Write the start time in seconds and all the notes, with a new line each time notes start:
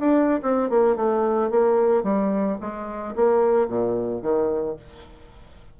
0.00 D4
0.43 C4
0.70 A#3
0.96 A3
1.51 A#3
2.04 G3
2.61 G#3
3.16 A#3
3.68 A#2
4.22 D#3